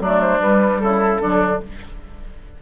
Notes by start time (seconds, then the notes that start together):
0.00 F#3 A3 D4 D5
0.21 C5
0.39 G3 B4
0.80 C#3 E4 A4
1.21 D3 F#3 D4